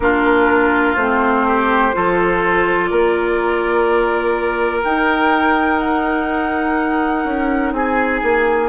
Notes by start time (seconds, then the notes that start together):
0.00 A#3 D4 F4 A#4
0.95 A3 C4 C5
1.46 G4
1.93 F3 F4 A4
2.86 A#3 A#4 D5
4.83 D#4 G5
5.79 F#5
7.25 C#4
7.72 C4 G#4 G#5
8.22 A#3